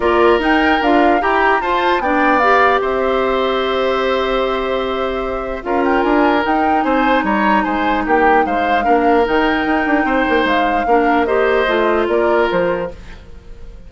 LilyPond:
<<
  \new Staff \with { instrumentName = "flute" } { \time 4/4 \tempo 4 = 149 d''4 g''4 f''4 ais''4 | a''4 g''4 f''4 e''4~ | e''1~ | e''2 f''8 g''8 gis''4 |
g''4 gis''4 ais''4 gis''4 | g''4 f''2 g''4~ | g''2 f''2 | dis''2 d''4 c''4 | }
  \new Staff \with { instrumentName = "oboe" } { \time 4/4 ais'2. g'4 | c''4 d''2 c''4~ | c''1~ | c''2 ais'2~ |
ais'4 c''4 cis''4 c''4 | g'4 c''4 ais'2~ | ais'4 c''2 ais'4 | c''2 ais'2 | }
  \new Staff \with { instrumentName = "clarinet" } { \time 4/4 f'4 dis'4 f'4 g'4 | f'4 d'4 g'2~ | g'1~ | g'2 f'2 |
dis'1~ | dis'2 d'4 dis'4~ | dis'2. d'4 | g'4 f'2. | }
  \new Staff \with { instrumentName = "bassoon" } { \time 4/4 ais4 dis'4 d'4 e'4 | f'4 b2 c'4~ | c'1~ | c'2 cis'4 d'4 |
dis'4 c'4 g4 gis4 | ais4 gis4 ais4 dis4 | dis'8 d'8 c'8 ais8 gis4 ais4~ | ais4 a4 ais4 f4 | }
>>